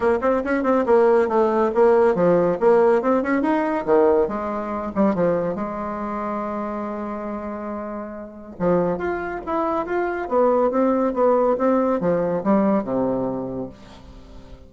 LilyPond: \new Staff \with { instrumentName = "bassoon" } { \time 4/4 \tempo 4 = 140 ais8 c'8 cis'8 c'8 ais4 a4 | ais4 f4 ais4 c'8 cis'8 | dis'4 dis4 gis4. g8 | f4 gis2.~ |
gis1 | f4 f'4 e'4 f'4 | b4 c'4 b4 c'4 | f4 g4 c2 | }